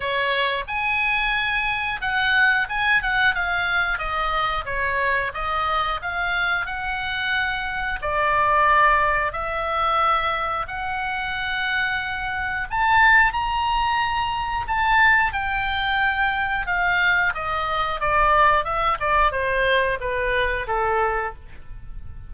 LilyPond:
\new Staff \with { instrumentName = "oboe" } { \time 4/4 \tempo 4 = 90 cis''4 gis''2 fis''4 | gis''8 fis''8 f''4 dis''4 cis''4 | dis''4 f''4 fis''2 | d''2 e''2 |
fis''2. a''4 | ais''2 a''4 g''4~ | g''4 f''4 dis''4 d''4 | e''8 d''8 c''4 b'4 a'4 | }